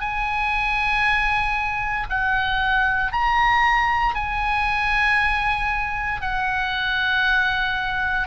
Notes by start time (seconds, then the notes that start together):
0.00 G#5
2.10 F#5
3.12 A#5
4.15 G#5
6.21 F#5